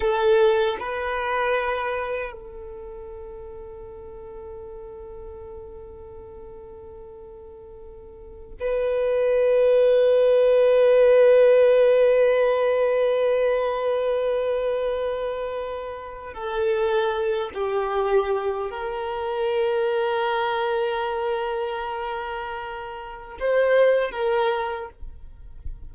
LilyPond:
\new Staff \with { instrumentName = "violin" } { \time 4/4 \tempo 4 = 77 a'4 b'2 a'4~ | a'1~ | a'2. b'4~ | b'1~ |
b'1~ | b'4 a'4. g'4. | ais'1~ | ais'2 c''4 ais'4 | }